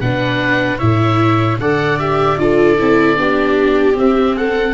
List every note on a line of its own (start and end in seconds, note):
0.00 0.80 B2
0.00 0.79 D4
0.00 0.78 B4
0.00 0.78 F#5
0.78 1.59 A2
0.78 1.58 E4
0.78 1.57 C#5
0.78 1.57 E5
1.59 2.37 D3
1.59 1.99 A4
1.59 2.39 D5
1.59 1.99 F#5
1.99 2.37 G4
1.99 2.38 E5
2.37 2.76 D4
2.37 2.77 F4
2.37 3.19 A4
2.37 3.96 D5
2.78 3.16 C4
2.78 3.16 E4
3.16 3.95 B3
3.16 3.93 D4
3.16 4.36 G4
3.93 4.72 C4
3.93 4.74 C4
3.93 4.36 E5
4.36 4.74 A4
4.36 4.74 F#5